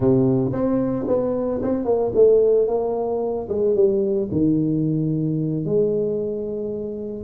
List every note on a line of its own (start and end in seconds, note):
0.00 0.51 C3
0.52 1.06 C4
1.07 1.61 B3
1.62 1.85 C4
1.85 2.11 A#3
2.14 2.67 A3
2.67 3.48 A#3
3.48 3.75 G#3
3.75 4.28 G3
4.31 5.65 D#3
5.65 7.24 G#3